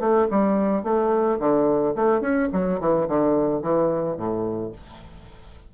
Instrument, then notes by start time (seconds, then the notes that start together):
bassoon
0.00 A3
0.31 G3
0.84 A3
1.40 D3
1.96 A3
2.21 C#4
2.53 F#3
2.80 E3
3.09 D3
3.63 E3
4.17 A2